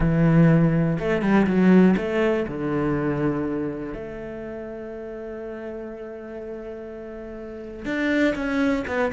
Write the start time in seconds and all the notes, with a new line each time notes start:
0.00 E3
0.99 A3
1.22 G3
1.46 F#3
1.96 A3
2.47 D3
3.93 A3
7.85 D4
8.35 C#4
8.87 B3